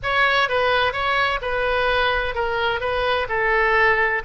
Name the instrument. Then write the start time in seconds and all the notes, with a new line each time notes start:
oboe
0.02 C#5
0.48 B4
0.92 C#5
1.41 B4
2.34 A#4
2.80 B4
3.28 A4